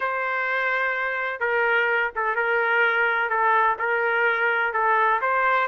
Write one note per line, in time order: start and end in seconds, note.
0.00 1.40 C5
1.40 2.10 A#4
2.15 2.35 A4
2.35 3.29 A#4
3.29 3.76 A4
3.78 4.73 A#4
4.73 5.20 A4
5.21 5.67 C5